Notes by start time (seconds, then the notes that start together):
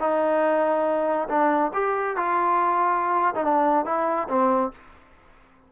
0.00 D#4
1.29 D4
1.74 G4
2.17 F4
3.35 D#4
3.45 D4
3.86 E4
4.29 C4